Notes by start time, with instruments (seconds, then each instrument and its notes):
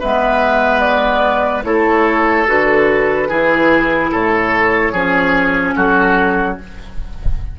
0.00 bassoon G#3, clarinet B3, oboe B4, flute E5
0.80 flute D5
1.64 bassoon A3, clarinet E4, oboe A4, flute C#5
2.47 bassoon D3, clarinet F#4, flute B4
3.29 bassoon E3, clarinet E4, oboe G#4
4.12 bassoon A2, oboe A4, flute C#5
4.93 bassoon F3, clarinet C#4, oboe G#4
5.76 bassoon F#3, oboe F#4, flute A4